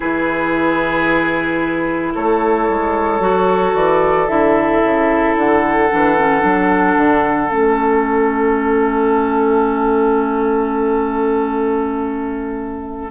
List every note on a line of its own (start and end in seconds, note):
0.00 2.15 E3
0.00 3.20 E4
0.00 2.13 G#4
0.00 2.13 B4
2.15 2.69 A3
2.15 13.11 A4
2.15 3.75 C#5
2.69 3.20 G#3
3.20 3.73 F#3
3.20 4.27 F#4
3.73 4.27 E3
3.73 4.27 D5
4.27 4.82 D3
4.27 5.88 E4
4.27 5.34 E5
4.82 5.35 C#3
5.35 5.89 D3
5.35 7.52 F#5
5.89 6.43 E3
5.89 6.16 D4
6.18 6.40 C#4
6.40 6.96 F#3
6.40 7.47 D4
6.96 7.50 D3
7.49 13.11 A3
7.49 13.11 C#4
7.49 13.11 E5